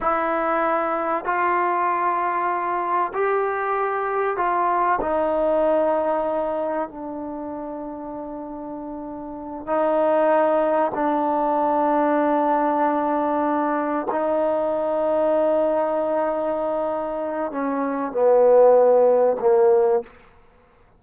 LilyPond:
\new Staff \with { instrumentName = "trombone" } { \time 4/4 \tempo 4 = 96 e'2 f'2~ | f'4 g'2 f'4 | dis'2. d'4~ | d'2.~ d'8 dis'8~ |
dis'4. d'2~ d'8~ | d'2~ d'8 dis'4.~ | dis'1 | cis'4 b2 ais4 | }